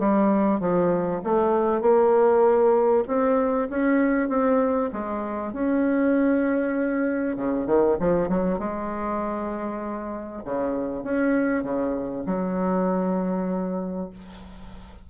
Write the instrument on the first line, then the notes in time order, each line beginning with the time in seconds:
bassoon
0.00 G3
0.60 F3
1.25 A3
1.82 A#3
3.08 C4
3.70 C#4
4.29 C4
4.93 G#3
5.53 C#4
7.37 C#3
7.67 D#3
8.00 F3
8.29 F#3
8.59 G#3
10.45 C#3
11.04 C#4
11.64 C#3
12.27 F#3